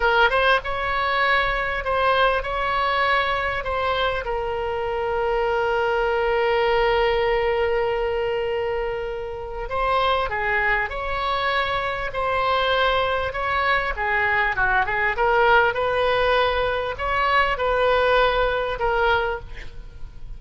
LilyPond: \new Staff \with { instrumentName = "oboe" } { \time 4/4 \tempo 4 = 99 ais'8 c''8 cis''2 c''4 | cis''2 c''4 ais'4~ | ais'1~ | ais'1 |
c''4 gis'4 cis''2 | c''2 cis''4 gis'4 | fis'8 gis'8 ais'4 b'2 | cis''4 b'2 ais'4 | }